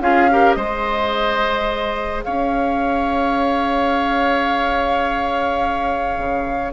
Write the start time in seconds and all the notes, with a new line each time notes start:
0.00 C#4 F4 G#4 F5
0.31 G4 A#4
0.53 G#3 G#4 C5 D#5
2.24 C#4 C#5 F5
6.18 C#3